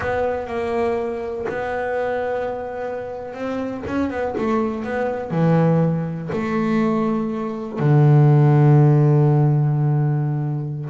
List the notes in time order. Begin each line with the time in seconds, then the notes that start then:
0.00 B3
0.47 A#3
1.49 B3
3.34 C4
3.87 C#4
4.10 B3
4.37 A3
4.84 B3
5.31 E3
6.32 A3
7.79 D3